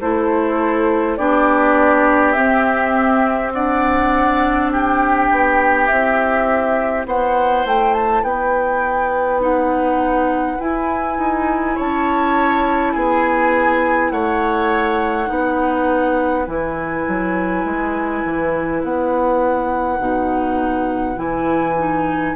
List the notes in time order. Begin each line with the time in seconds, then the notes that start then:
0.00 A3 E4 A4 C5
1.17 B3 D4 G4 D5
2.32 C4 E5
3.53 D4 D5 F#5
4.71 G4 G5
5.30 B3
5.86 C4 E4 E5
7.06 B3 C5 F#5
7.65 A3 G5
7.94 A5
8.23 B3 B4 G5
9.39 D#4 F#5
10.59 E4 G#5
11.18 D#4
11.75 C#4 C#5 A5
12.93 B3 G#4 G#5
14.10 A3 C#5 F#5
15.26 B3 D#4 B4
16.46 E3 E4 G#5
17.07 F#3
17.64 G#3
18.25 E3
18.83 B3 F#5
19.99 B2 D#4
21.16 E3 E4 G#5
21.77 D#4